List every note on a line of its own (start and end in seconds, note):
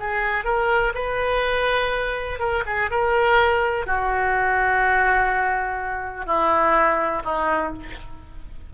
0.00 0.44 G#4
0.44 0.93 A#4
0.95 2.39 B4
2.39 2.63 A#4
2.66 2.90 G#4
2.90 3.87 A#4
3.87 6.26 F#4
6.26 7.23 E4
7.24 7.73 D#4